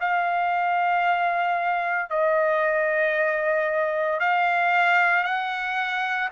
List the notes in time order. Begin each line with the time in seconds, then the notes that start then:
0.00 F5
2.10 D#5
4.20 F5
5.23 F#5